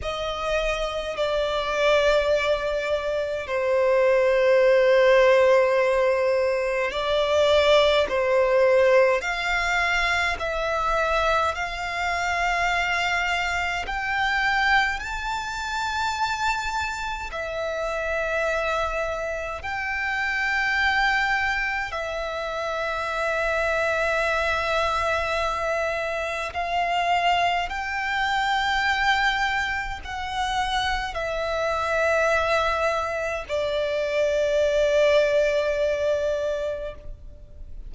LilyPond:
\new Staff \with { instrumentName = "violin" } { \time 4/4 \tempo 4 = 52 dis''4 d''2 c''4~ | c''2 d''4 c''4 | f''4 e''4 f''2 | g''4 a''2 e''4~ |
e''4 g''2 e''4~ | e''2. f''4 | g''2 fis''4 e''4~ | e''4 d''2. | }